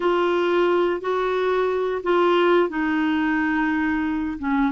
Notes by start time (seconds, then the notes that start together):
0.00 F4
1.01 F#4
2.03 F4
2.69 D#4
4.38 C#4